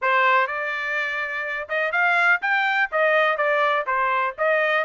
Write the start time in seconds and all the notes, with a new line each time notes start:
0.01 C5
0.47 D5
1.68 D#5
1.92 F5
2.41 G5
2.91 D#5
3.37 D5
3.86 C5
4.38 D#5